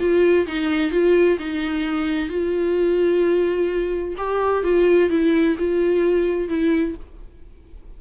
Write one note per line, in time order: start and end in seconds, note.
0.00 0.47 F4
0.47 0.92 D#4
0.92 1.38 F4
1.39 2.29 D#4
2.29 4.15 F4
4.18 4.64 G4
4.64 5.10 F4
5.10 5.57 E4
5.59 6.49 F4
6.49 6.95 E4